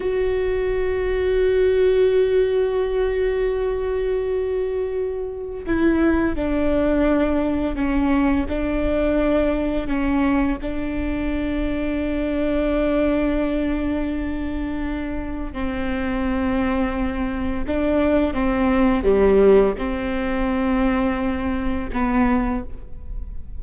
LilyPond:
\new Staff \with { instrumentName = "viola" } { \time 4/4 \tempo 4 = 85 fis'1~ | fis'1 | e'4 d'2 cis'4 | d'2 cis'4 d'4~ |
d'1~ | d'2 c'2~ | c'4 d'4 c'4 g4 | c'2. b4 | }